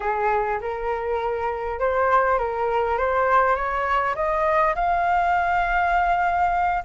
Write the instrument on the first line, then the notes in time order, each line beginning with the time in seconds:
flute
0.00 G#4
0.60 A#4
1.79 C5
2.38 A#4
2.97 C5
3.55 C#5
4.15 D#5
4.75 F5